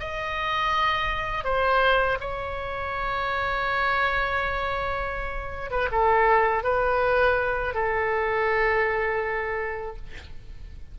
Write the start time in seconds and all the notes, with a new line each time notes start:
0.00 D#5
1.44 C5
2.20 C#5
5.71 B4
5.92 A4
6.64 B4
7.74 A4